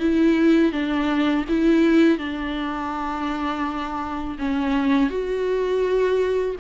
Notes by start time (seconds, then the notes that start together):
0.00 E4
0.73 D4
1.49 E4
2.19 D4
4.39 C#4
5.10 F#4